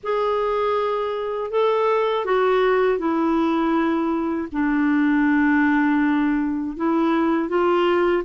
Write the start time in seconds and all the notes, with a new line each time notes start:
0.03 G#4
1.50 A4
2.25 F#4
2.98 E4
4.52 D4
6.77 E4
7.48 F4